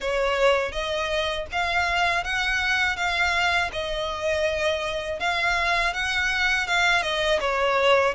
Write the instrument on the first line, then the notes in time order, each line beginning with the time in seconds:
violin
0.00 C#5
0.71 D#5
1.52 F5
2.24 F#5
2.96 F5
3.72 D#5
5.19 F5
5.93 F#5
6.67 F5
7.02 D#5
7.40 C#5